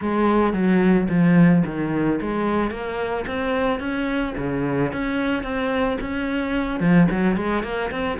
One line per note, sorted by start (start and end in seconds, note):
0.01 0.53 G#3
0.53 1.07 F#3
1.09 1.63 F3
1.65 2.20 D#3
2.21 2.70 G#3
2.70 3.25 A#3
3.26 3.79 C4
3.79 4.34 C#4
4.37 4.92 C#3
4.92 5.43 C#4
5.43 5.97 C4
6.00 6.80 C#4
6.80 7.07 F3
7.11 7.36 F#3
7.36 7.63 G#3
7.63 7.90 A#3
7.91 8.18 C4